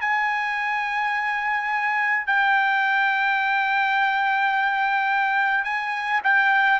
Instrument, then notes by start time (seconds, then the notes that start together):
trumpet
0.00 G#5
2.26 G5
5.64 G#5
6.24 G5